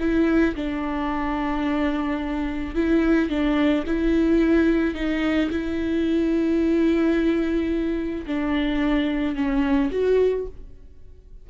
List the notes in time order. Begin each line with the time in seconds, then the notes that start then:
0.00 E4
0.56 D4
2.75 E4
3.30 D4
3.87 E4
4.95 D#4
5.51 E4
8.27 D4
9.36 C#4
9.92 F#4